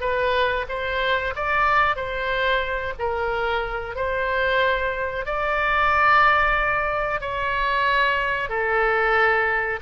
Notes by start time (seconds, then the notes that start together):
0.00 B4
0.68 C5
1.35 D5
1.95 C5
2.98 A#4
3.95 C5
5.25 D5
7.20 C#5
8.49 A4